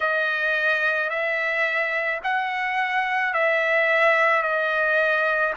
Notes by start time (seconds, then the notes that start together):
0.00 D#5
1.09 E5
2.23 F#5
3.33 E5
4.42 D#5